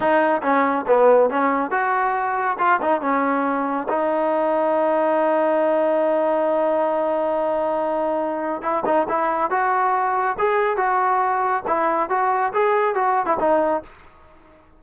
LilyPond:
\new Staff \with { instrumentName = "trombone" } { \time 4/4 \tempo 4 = 139 dis'4 cis'4 b4 cis'4 | fis'2 f'8 dis'8 cis'4~ | cis'4 dis'2.~ | dis'1~ |
dis'1 | e'8 dis'8 e'4 fis'2 | gis'4 fis'2 e'4 | fis'4 gis'4 fis'8. e'16 dis'4 | }